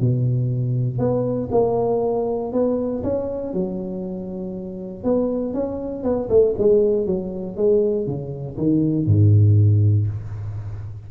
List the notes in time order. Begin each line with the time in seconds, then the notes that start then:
0.00 B2
0.99 B3
1.51 A#3
2.52 B3
3.03 C#4
3.53 F#3
5.04 B3
5.53 C#4
6.03 B3
6.29 A3
6.58 G#3
7.06 F#3
7.57 G#3
8.06 C#3
8.57 D#3
9.06 G#2